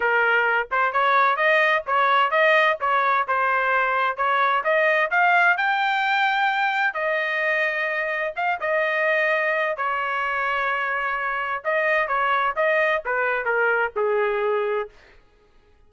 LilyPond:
\new Staff \with { instrumentName = "trumpet" } { \time 4/4 \tempo 4 = 129 ais'4. c''8 cis''4 dis''4 | cis''4 dis''4 cis''4 c''4~ | c''4 cis''4 dis''4 f''4 | g''2. dis''4~ |
dis''2 f''8 dis''4.~ | dis''4 cis''2.~ | cis''4 dis''4 cis''4 dis''4 | b'4 ais'4 gis'2 | }